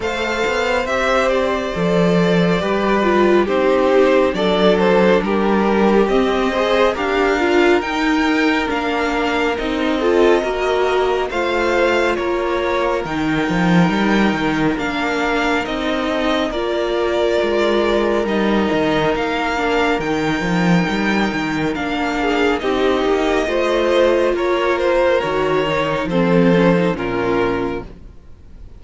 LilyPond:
<<
  \new Staff \with { instrumentName = "violin" } { \time 4/4 \tempo 4 = 69 f''4 e''8 d''2~ d''8 | c''4 d''8 c''8 ais'4 dis''4 | f''4 g''4 f''4 dis''4~ | dis''4 f''4 cis''4 g''4~ |
g''4 f''4 dis''4 d''4~ | d''4 dis''4 f''4 g''4~ | g''4 f''4 dis''2 | cis''8 c''8 cis''4 c''4 ais'4 | }
  \new Staff \with { instrumentName = "violin" } { \time 4/4 c''2. b'4 | g'4 a'4 g'4. c''8 | ais'2.~ ais'8 a'8 | ais'4 c''4 ais'2~ |
ais'2~ ais'8 a'8 ais'4~ | ais'1~ | ais'4. gis'8 g'4 c''4 | ais'2 a'4 f'4 | }
  \new Staff \with { instrumentName = "viola" } { \time 4/4 a'4 g'4 a'4 g'8 f'8 | dis'4 d'2 c'8 gis'8 | g'8 f'8 dis'4 d'4 dis'8 f'8 | fis'4 f'2 dis'4~ |
dis'4 d'4 dis'4 f'4~ | f'4 dis'4. d'8 dis'4~ | dis'4 d'4 dis'4 f'4~ | f'4 fis'8 dis'8 c'8 cis'16 dis'16 cis'4 | }
  \new Staff \with { instrumentName = "cello" } { \time 4/4 a8 b8 c'4 f4 g4 | c'4 fis4 g4 c'4 | d'4 dis'4 ais4 c'4 | ais4 a4 ais4 dis8 f8 |
g8 dis8 ais4 c'4 ais4 | gis4 g8 dis8 ais4 dis8 f8 | g8 dis8 ais4 c'8 ais8 a4 | ais4 dis4 f4 ais,4 | }
>>